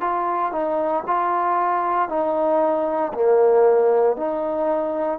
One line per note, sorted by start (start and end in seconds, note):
0.00 0.52 F4
0.52 1.03 D#4
1.07 2.08 F4
2.08 3.12 D#4
3.13 4.16 A#3
4.16 5.19 D#4